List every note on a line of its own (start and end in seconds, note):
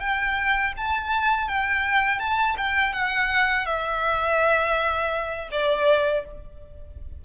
0.00 0.73 G5
0.77 1.48 A5
1.48 2.19 G5
2.19 2.56 A5
2.57 2.93 G5
2.93 3.66 F#5
3.66 5.49 E5
5.51 6.25 D5